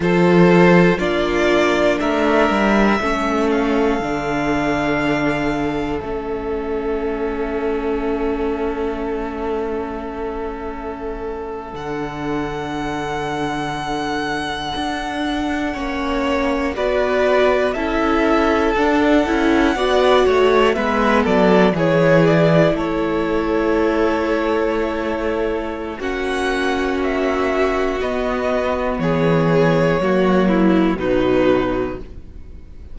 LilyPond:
<<
  \new Staff \with { instrumentName = "violin" } { \time 4/4 \tempo 4 = 60 c''4 d''4 e''4. f''8~ | f''2 e''2~ | e''2.~ e''8. fis''16~ | fis''1~ |
fis''8. d''4 e''4 fis''4~ fis''16~ | fis''8. e''8 d''8 cis''8 d''8 cis''4~ cis''16~ | cis''2 fis''4 e''4 | dis''4 cis''2 b'4 | }
  \new Staff \with { instrumentName = "violin" } { \time 4/4 a'4 f'4 ais'4 a'4~ | a'1~ | a'1~ | a'2.~ a'8. cis''16~ |
cis''8. b'4 a'2 d''16~ | d''16 cis''8 b'8 a'8 gis'4 a'4~ a'16~ | a'2 fis'2~ | fis'4 gis'4 fis'8 e'8 dis'4 | }
  \new Staff \with { instrumentName = "viola" } { \time 4/4 f'4 d'2 cis'4 | d'2 cis'2~ | cis'2.~ cis'8. d'16~ | d'2.~ d'8. cis'16~ |
cis'8. fis'4 e'4 d'8 e'8 fis'16~ | fis'8. b4 e'2~ e'16~ | e'2 cis'2 | b2 ais4 fis4 | }
  \new Staff \with { instrumentName = "cello" } { \time 4/4 f4 ais4 a8 g8 a4 | d2 a2~ | a2.~ a8. d16~ | d2~ d8. d'4 ais16~ |
ais8. b4 cis'4 d'8 cis'8 b16~ | b16 a8 gis8 fis8 e4 a4~ a16~ | a2 ais2 | b4 e4 fis4 b,4 | }
>>